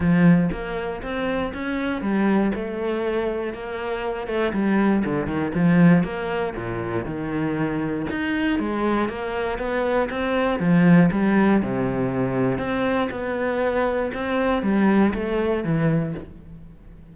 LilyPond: \new Staff \with { instrumentName = "cello" } { \time 4/4 \tempo 4 = 119 f4 ais4 c'4 cis'4 | g4 a2 ais4~ | ais8 a8 g4 d8 dis8 f4 | ais4 ais,4 dis2 |
dis'4 gis4 ais4 b4 | c'4 f4 g4 c4~ | c4 c'4 b2 | c'4 g4 a4 e4 | }